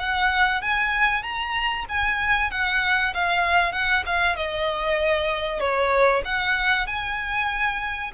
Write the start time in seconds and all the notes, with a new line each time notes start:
0.00 F#5
0.62 G#5
1.23 A#5
1.89 G#5
2.51 F#5
3.14 F5
3.73 F#5
4.07 F5
4.36 D#5
5.61 C#5
6.25 F#5
6.87 G#5